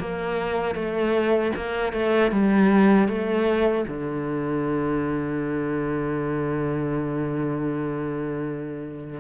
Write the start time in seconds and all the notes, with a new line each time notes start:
0.00 A#3
0.76 A3
1.56 A#3
1.93 A3
2.32 G3
3.09 A3
3.88 D3